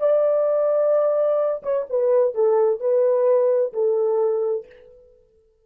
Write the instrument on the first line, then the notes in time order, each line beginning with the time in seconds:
horn
0.00 D5
1.63 C#5
1.90 B4
2.35 A4
2.80 B4
3.73 A4